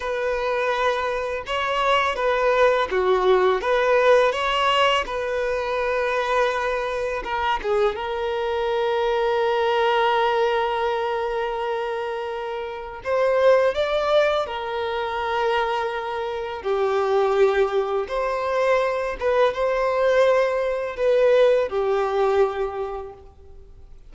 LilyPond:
\new Staff \with { instrumentName = "violin" } { \time 4/4 \tempo 4 = 83 b'2 cis''4 b'4 | fis'4 b'4 cis''4 b'4~ | b'2 ais'8 gis'8 ais'4~ | ais'1~ |
ais'2 c''4 d''4 | ais'2. g'4~ | g'4 c''4. b'8 c''4~ | c''4 b'4 g'2 | }